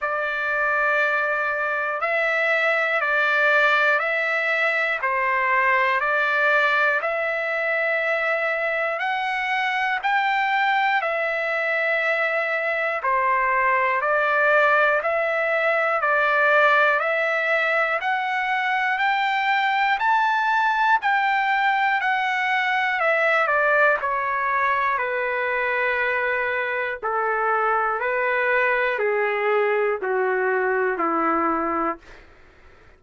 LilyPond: \new Staff \with { instrumentName = "trumpet" } { \time 4/4 \tempo 4 = 60 d''2 e''4 d''4 | e''4 c''4 d''4 e''4~ | e''4 fis''4 g''4 e''4~ | e''4 c''4 d''4 e''4 |
d''4 e''4 fis''4 g''4 | a''4 g''4 fis''4 e''8 d''8 | cis''4 b'2 a'4 | b'4 gis'4 fis'4 e'4 | }